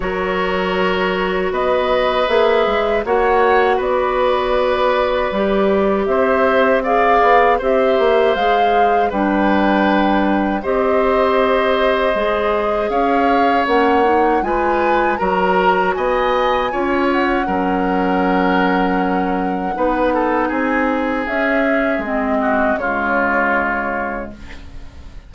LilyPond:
<<
  \new Staff \with { instrumentName = "flute" } { \time 4/4 \tempo 4 = 79 cis''2 dis''4 e''4 | fis''4 d''2. | e''4 f''4 e''4 f''4 | g''2 dis''2~ |
dis''4 f''4 fis''4 gis''4 | ais''4 gis''4. fis''4.~ | fis''2. gis''4 | e''4 dis''4 cis''2 | }
  \new Staff \with { instrumentName = "oboe" } { \time 4/4 ais'2 b'2 | cis''4 b'2. | c''4 d''4 c''2 | b'2 c''2~ |
c''4 cis''2 b'4 | ais'4 dis''4 cis''4 ais'4~ | ais'2 b'8 a'8 gis'4~ | gis'4. fis'8 f'2 | }
  \new Staff \with { instrumentName = "clarinet" } { \time 4/4 fis'2. gis'4 | fis'2. g'4~ | g'4 gis'4 g'4 gis'4 | d'2 g'2 |
gis'2 cis'8 dis'8 f'4 | fis'2 f'4 cis'4~ | cis'2 dis'2 | cis'4 c'4 gis2 | }
  \new Staff \with { instrumentName = "bassoon" } { \time 4/4 fis2 b4 ais8 gis8 | ais4 b2 g4 | c'4. b8 c'8 ais8 gis4 | g2 c'2 |
gis4 cis'4 ais4 gis4 | fis4 b4 cis'4 fis4~ | fis2 b4 c'4 | cis'4 gis4 cis2 | }
>>